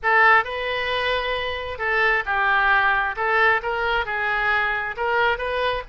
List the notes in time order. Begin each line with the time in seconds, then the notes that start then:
0.02 A4
0.44 B4
1.78 A4
2.25 G4
3.16 A4
3.62 A#4
4.05 G#4
4.96 A#4
5.37 B4